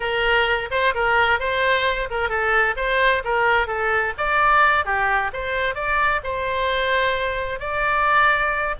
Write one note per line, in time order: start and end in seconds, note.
0.00 0.69 A#4
0.70 0.94 C5
0.94 1.39 A#4
1.39 2.09 C5
2.10 2.29 A#4
2.29 2.75 A4
2.76 3.22 C5
3.24 3.67 A#4
3.67 4.13 A4
4.17 4.85 D5
4.85 5.31 G4
5.33 5.74 C5
5.74 6.21 D5
6.23 7.59 C5
7.59 8.75 D5